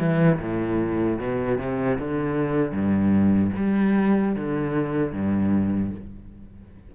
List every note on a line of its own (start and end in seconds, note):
0.00 0.39 E3
0.40 1.19 A2
1.19 1.58 B2
1.58 1.98 C3
1.98 2.72 D3
2.72 3.51 G2
3.57 4.36 G3
4.36 5.12 D3
5.12 5.91 G2